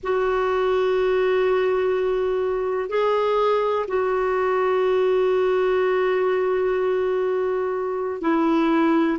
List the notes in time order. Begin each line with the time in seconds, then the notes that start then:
0.03 F#4
2.89 G#4
3.87 F#4
8.21 E4